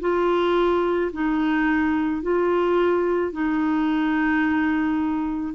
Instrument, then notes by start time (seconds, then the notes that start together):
clarinet
0.00 F4
1.13 D#4
2.22 F4
3.32 D#4